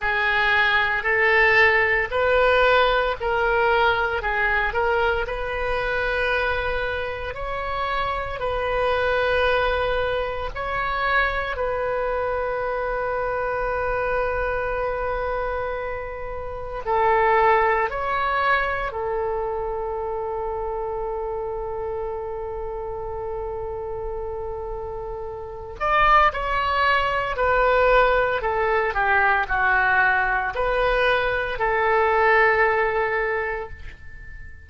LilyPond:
\new Staff \with { instrumentName = "oboe" } { \time 4/4 \tempo 4 = 57 gis'4 a'4 b'4 ais'4 | gis'8 ais'8 b'2 cis''4 | b'2 cis''4 b'4~ | b'1 |
a'4 cis''4 a'2~ | a'1~ | a'8 d''8 cis''4 b'4 a'8 g'8 | fis'4 b'4 a'2 | }